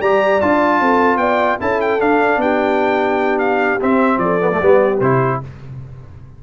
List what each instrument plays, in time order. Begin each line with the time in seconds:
0.00 tuba G3, trombone G4, horn D5, trumpet A#5
0.40 tuba D4, trombone F4, trumpet A5
0.80 tuba C4, horn A4
1.16 tuba B3, horn D5, trumpet G5
1.59 tuba C#4, trombone E4, horn A4, trumpet A5
1.80 trumpet G5
1.99 trombone D4, tuba D4, trumpet F5
2.37 tuba B3, horn G4, trumpet G5
3.39 trumpet F5
3.80 trombone C4, tuba C4, trumpet E5
4.17 tuba F3, horn A4, trumpet D5
4.40 trombone B3
4.51 trombone A3
4.59 tuba G3, trombone B3, horn G4
5.00 tuba C3, trombone E4, trumpet C5